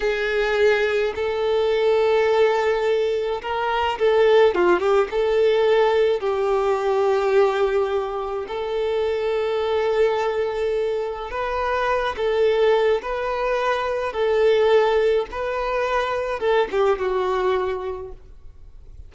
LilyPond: \new Staff \with { instrumentName = "violin" } { \time 4/4 \tempo 4 = 106 gis'2 a'2~ | a'2 ais'4 a'4 | f'8 g'8 a'2 g'4~ | g'2. a'4~ |
a'1 | b'4. a'4. b'4~ | b'4 a'2 b'4~ | b'4 a'8 g'8 fis'2 | }